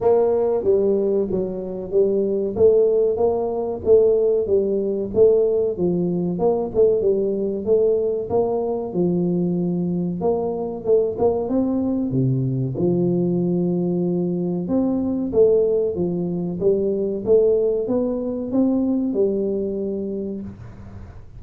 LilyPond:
\new Staff \with { instrumentName = "tuba" } { \time 4/4 \tempo 4 = 94 ais4 g4 fis4 g4 | a4 ais4 a4 g4 | a4 f4 ais8 a8 g4 | a4 ais4 f2 |
ais4 a8 ais8 c'4 c4 | f2. c'4 | a4 f4 g4 a4 | b4 c'4 g2 | }